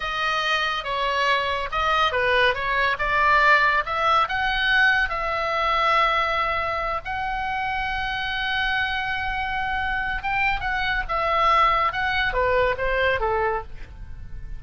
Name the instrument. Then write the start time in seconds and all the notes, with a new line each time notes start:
oboe
0.00 D#5
0.84 C#5
1.71 D#5
2.11 B4
2.54 C#5
2.99 D5
3.85 E5
4.28 F#5
5.09 E5
7.04 F#5
10.22 G5
10.60 F#5
11.08 E5
11.92 F#5
12.33 B4
12.77 C5
13.20 A4